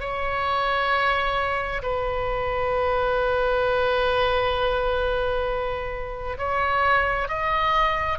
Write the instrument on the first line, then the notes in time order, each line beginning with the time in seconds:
oboe
0.00 C#5
1.83 B4
6.38 C#5
7.29 D#5